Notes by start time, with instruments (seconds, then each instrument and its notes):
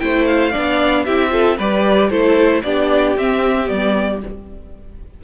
0.00 cello A3, viola E4, violin C5 G5
0.27 violin F5
0.52 cello B3, viola D4, violin D5
1.05 cello C4, viola E4, violin G4 E5
1.31 viola F4, violin A4
1.58 cello G3, viola G4, violin B4 D5
2.10 cello A3, viola E4, violin A4 C5
2.63 cello B3, viola D4, violin G4 D5
3.17 cello C4, viola C4, violin E5
3.66 cello G3, viola B3, violin D5